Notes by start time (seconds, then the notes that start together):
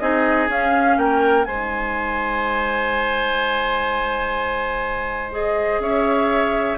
0.00 C4 D#4 G#4 D#5
0.49 C#4 F5
0.98 A#3 A#4 G5
1.45 G#3 D#4 C5 G#5
5.32 G#4 D#5
5.79 C#4 C#5 E5